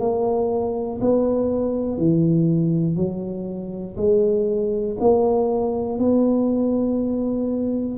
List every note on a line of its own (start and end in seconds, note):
0.00 1.00 A#3
1.01 1.98 B3
1.98 2.96 E3
2.96 3.96 F#3
3.97 4.97 G#3
5.00 5.99 A#3
5.99 7.98 B3